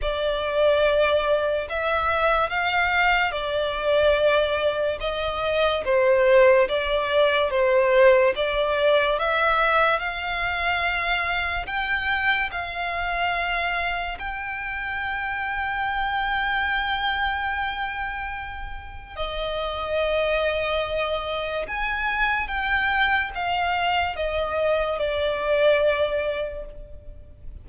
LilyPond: \new Staff \with { instrumentName = "violin" } { \time 4/4 \tempo 4 = 72 d''2 e''4 f''4 | d''2 dis''4 c''4 | d''4 c''4 d''4 e''4 | f''2 g''4 f''4~ |
f''4 g''2.~ | g''2. dis''4~ | dis''2 gis''4 g''4 | f''4 dis''4 d''2 | }